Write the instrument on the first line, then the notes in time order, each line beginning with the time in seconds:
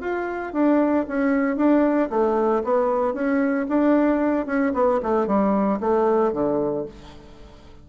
bassoon
0.00 F4
0.53 D4
1.07 C#4
1.56 D4
2.10 A3
2.63 B3
3.13 C#4
3.68 D4
4.46 C#4
4.73 B3
5.02 A3
5.27 G3
5.80 A3
6.32 D3